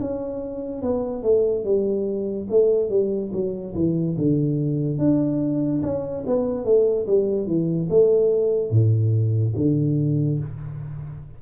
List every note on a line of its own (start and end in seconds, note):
0.00 0.81 C#4
0.81 1.22 B3
1.22 1.64 A3
1.64 2.47 G3
2.50 2.89 A3
2.89 3.31 G3
3.32 3.74 F#3
3.74 4.16 E3
4.17 4.98 D3
4.98 5.81 D4
5.82 6.24 C#4
6.26 6.64 B3
6.64 7.06 A3
7.06 7.46 G3
7.46 7.88 E3
7.89 8.70 A3
8.70 9.53 A2
9.56 10.39 D3